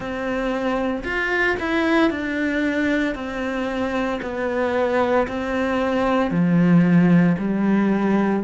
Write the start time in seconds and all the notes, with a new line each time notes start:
0.00 C4
1.03 F4
1.59 E4
2.10 D4
3.14 C4
4.22 B3
5.27 C4
6.30 F3
7.38 G3